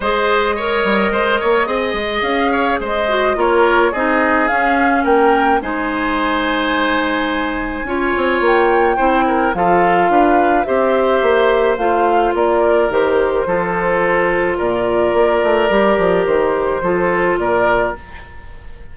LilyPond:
<<
  \new Staff \with { instrumentName = "flute" } { \time 4/4 \tempo 4 = 107 dis''1 | f''4 dis''4 cis''4 dis''4 | f''4 g''4 gis''2~ | gis''2. g''4~ |
g''4 f''2 e''4~ | e''4 f''4 d''4 c''4~ | c''2 d''2~ | d''4 c''2 d''4 | }
  \new Staff \with { instrumentName = "oboe" } { \time 4/4 c''4 cis''4 c''8 cis''8 dis''4~ | dis''8 cis''8 c''4 ais'4 gis'4~ | gis'4 ais'4 c''2~ | c''2 cis''2 |
c''8 ais'8 a'4 b'4 c''4~ | c''2 ais'2 | a'2 ais'2~ | ais'2 a'4 ais'4 | }
  \new Staff \with { instrumentName = "clarinet" } { \time 4/4 gis'4 ais'2 gis'4~ | gis'4. fis'8 f'4 dis'4 | cis'2 dis'2~ | dis'2 f'2 |
e'4 f'2 g'4~ | g'4 f'2 g'4 | f'1 | g'2 f'2 | }
  \new Staff \with { instrumentName = "bassoon" } { \time 4/4 gis4. g8 gis8 ais8 c'8 gis8 | cis'4 gis4 ais4 c'4 | cis'4 ais4 gis2~ | gis2 cis'8 c'8 ais4 |
c'4 f4 d'4 c'4 | ais4 a4 ais4 dis4 | f2 ais,4 ais8 a8 | g8 f8 dis4 f4 ais,4 | }
>>